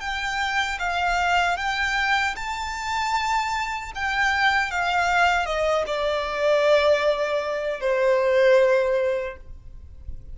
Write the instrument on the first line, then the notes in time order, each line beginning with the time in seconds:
violin
0.00 G5
0.79 F5
1.57 G5
2.36 A5
3.95 G5
4.71 F5
5.46 D#5
5.86 D5
7.81 C5